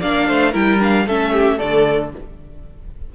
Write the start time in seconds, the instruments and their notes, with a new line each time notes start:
0.00 cello A#3, viola D4, violin D5 F5
0.27 cello A3, violin C5
0.51 cello G3, viola E4, violin A#4 G5
0.79 viola D4, violin F5
1.06 cello A3, viola C#4, violin A4 E5
1.32 violin G4
1.57 cello D3, viola A3, violin A4 D5